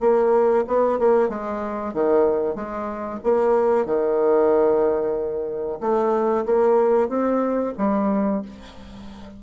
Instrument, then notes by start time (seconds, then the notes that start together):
bassoon
0.00 A#3
0.67 B3
0.99 A#3
1.29 G#3
1.93 D#3
2.55 G#3
3.23 A#3
3.85 D#3
5.80 A3
6.45 A#3
7.09 C4
7.77 G3